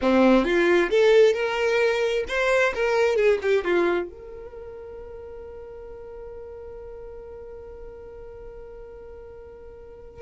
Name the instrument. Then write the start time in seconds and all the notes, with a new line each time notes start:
violin
0.01 C4
0.44 F4
0.90 A4
1.33 A#4
2.28 C5
2.74 A#4
3.16 G#4
3.42 G4
3.64 F4
4.10 A#4